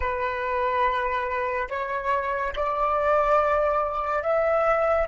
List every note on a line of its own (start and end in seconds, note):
0.00 1.68 B4
1.69 2.54 C#5
2.55 4.23 D5
4.23 5.07 E5